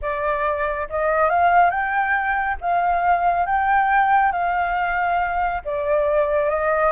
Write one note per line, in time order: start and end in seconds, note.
0.01 0.88 D5
0.89 1.29 D#5
1.29 1.70 F5
1.70 2.56 G5
2.60 3.45 F5
3.45 4.32 G5
4.32 5.61 F5
5.64 6.49 D5
6.49 6.92 D#5